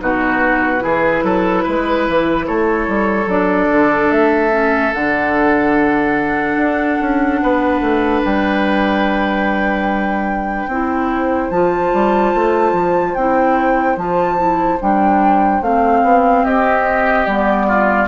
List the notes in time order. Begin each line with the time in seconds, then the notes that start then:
0.00 B2 D#4 F#4 B4
0.79 E3 E4 G#4
1.23 F#3 A4
1.64 G#3 B4
2.09 E3
2.47 A3 A4 C#5
2.88 G3
3.27 F#3 D4 D5
3.72 D3
4.11 A3 E5
4.51 C#4
4.94 D3 D4 F#5
6.57 D4
7.01 C#4
7.43 B3 B4
7.81 A3
8.25 G3 G5
10.67 C4 E4 C5
11.51 F3 F4 A5
11.93 G3
12.35 A3
12.73 F3
13.15 C4 E4 G5
13.97 F3 F4 A5
14.37 E4
14.81 G3 D4 G5
15.62 A3 C4 F5
16.04 B3
16.43 C4 G4 D#5
17.26 G3 B3 D5
17.68 F4